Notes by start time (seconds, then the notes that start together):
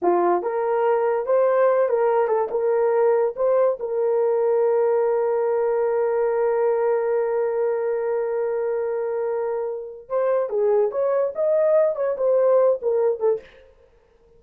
0.02 F4
0.42 A#4
1.26 C5
1.89 A#4
2.27 A4
2.51 A#4
3.36 C5
3.79 A#4
10.08 C5
10.49 G#4
10.91 C#5
11.35 D#5
11.95 C#5
12.17 C5
12.82 A#4
13.19 A4